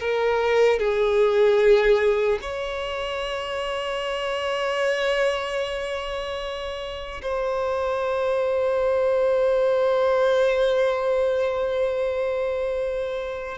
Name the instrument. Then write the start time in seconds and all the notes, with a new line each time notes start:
violin
0.00 A#4
0.79 G#4
2.41 C#5
7.23 C5